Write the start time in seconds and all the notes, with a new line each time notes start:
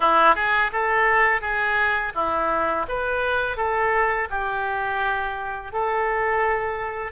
0.00 E4
0.35 G#4
0.72 A4
1.41 G#4
2.14 E4
2.88 B4
3.56 A4
4.30 G4
5.72 A4